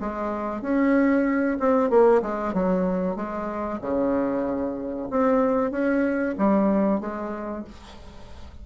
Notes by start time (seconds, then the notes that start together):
0.00 G#3
0.62 C#4
1.60 C4
1.90 A#3
2.22 G#3
2.54 F#3
3.16 G#3
3.81 C#3
5.11 C4
5.71 C#4
6.38 G3
7.01 G#3